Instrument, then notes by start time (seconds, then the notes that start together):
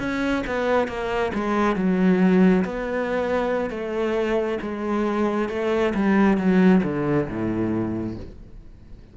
cello
0.00 C#4
0.47 B3
0.88 A#3
1.35 G#3
1.76 F#3
2.65 B3
3.71 A3
4.62 G#3
5.49 A3
5.95 G3
6.38 F#3
6.84 D3
7.29 A2